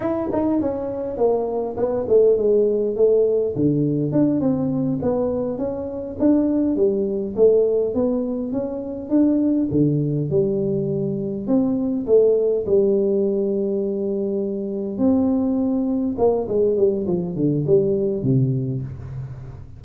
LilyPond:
\new Staff \with { instrumentName = "tuba" } { \time 4/4 \tempo 4 = 102 e'8 dis'8 cis'4 ais4 b8 a8 | gis4 a4 d4 d'8 c'8~ | c'8 b4 cis'4 d'4 g8~ | g8 a4 b4 cis'4 d'8~ |
d'8 d4 g2 c'8~ | c'8 a4 g2~ g8~ | g4. c'2 ais8 | gis8 g8 f8 d8 g4 c4 | }